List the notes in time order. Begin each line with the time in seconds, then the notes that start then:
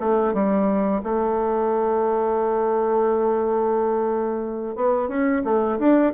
0.00 A3
0.33 G3
1.03 A3
4.75 B3
5.08 C#4
5.44 A3
5.78 D4